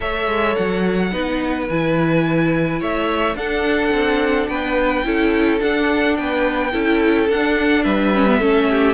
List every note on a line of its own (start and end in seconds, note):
0.00 0.27 A3
0.00 1.10 A4
0.00 1.13 C#5
0.00 0.55 E5
0.27 0.55 G#3
0.55 1.12 F#3
0.55 1.67 F#5
1.11 1.68 B3
1.11 1.67 D#4
1.11 2.80 B4
1.69 2.81 E3
1.69 3.36 E4
1.69 2.81 G#5
2.80 3.34 A3
2.80 3.36 C#5
2.80 3.36 E5
3.34 3.90 D4
3.34 5.04 D4
3.34 4.49 A4
3.34 4.47 F#5
3.91 4.47 C4
4.47 5.04 B3
4.47 5.05 B4
4.47 5.59 G5
5.04 5.60 C#4
5.04 5.59 E4
5.04 6.18 A4
5.59 6.71 D4
5.59 6.18 D4
5.59 6.16 F#5
6.16 6.73 B3
6.16 6.72 B4
6.16 7.28 G5
6.72 7.29 C#4
6.72 7.28 E4
6.72 7.84 A4
7.29 7.85 D4
7.29 8.14 D4
7.29 7.83 F#5
7.83 8.40 G3
7.83 8.38 B4
7.83 8.94 E5
8.14 8.26 C#4
8.26 8.40 B3
8.38 8.94 A3
8.38 8.94 C#4
8.38 8.66 A4
8.70 8.94 G4